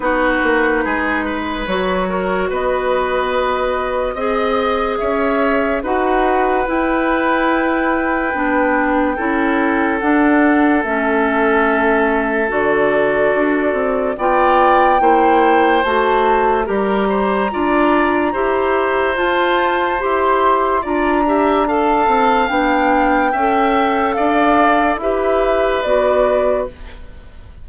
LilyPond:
<<
  \new Staff \with { instrumentName = "flute" } { \time 4/4 \tempo 4 = 72 b'2 cis''4 dis''4~ | dis''2 e''4 fis''4 | g''1 | fis''4 e''2 d''4~ |
d''4 g''2 a''4 | ais''2. a''4 | c'''4 ais''4 a''4 g''4~ | g''4 f''4 e''4 d''4 | }
  \new Staff \with { instrumentName = "oboe" } { \time 4/4 fis'4 gis'8 b'4 ais'8 b'4~ | b'4 dis''4 cis''4 b'4~ | b'2. a'4~ | a'1~ |
a'4 d''4 c''2 | ais'8 c''8 d''4 c''2~ | c''4 d''8 e''8 f''2 | e''4 d''4 b'2 | }
  \new Staff \with { instrumentName = "clarinet" } { \time 4/4 dis'2 fis'2~ | fis'4 gis'2 fis'4 | e'2 d'4 e'4 | d'4 cis'2 fis'4~ |
fis'4 f'4 e'4 fis'4 | g'4 f'4 g'4 f'4 | g'4 f'8 g'8 a'4 d'4 | a'2 g'4 fis'4 | }
  \new Staff \with { instrumentName = "bassoon" } { \time 4/4 b8 ais8 gis4 fis4 b4~ | b4 c'4 cis'4 dis'4 | e'2 b4 cis'4 | d'4 a2 d4 |
d'8 c'8 b4 ais4 a4 | g4 d'4 e'4 f'4 | e'4 d'4. c'8 b4 | cis'4 d'4 e'4 b4 | }
>>